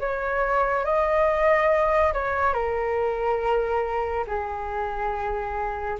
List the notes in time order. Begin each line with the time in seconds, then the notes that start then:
0.00 C#5
0.85 D#5
2.14 C#5
2.54 A#4
4.27 G#4